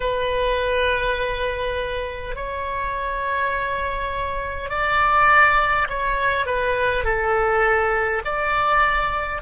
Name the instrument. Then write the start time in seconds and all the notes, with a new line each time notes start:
oboe
0.00 B4
2.35 C#5
4.70 D5
5.89 C#5
6.45 B4
7.04 A4
8.25 D5